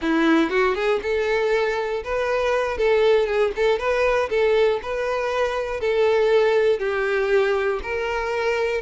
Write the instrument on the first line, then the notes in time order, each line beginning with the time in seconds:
violin
0.01 E4
0.50 F#4
0.74 G#4
1.02 A4
2.04 B4
2.77 A4
3.26 G#4
3.55 A4
3.78 B4
4.29 A4
4.82 B4
5.80 A4
6.79 G4
7.82 A#4